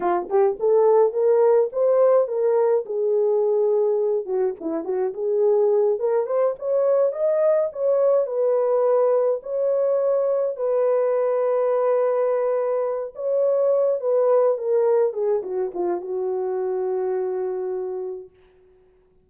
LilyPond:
\new Staff \with { instrumentName = "horn" } { \time 4/4 \tempo 4 = 105 f'8 g'8 a'4 ais'4 c''4 | ais'4 gis'2~ gis'8 fis'8 | e'8 fis'8 gis'4. ais'8 c''8 cis''8~ | cis''8 dis''4 cis''4 b'4.~ |
b'8 cis''2 b'4.~ | b'2. cis''4~ | cis''8 b'4 ais'4 gis'8 fis'8 f'8 | fis'1 | }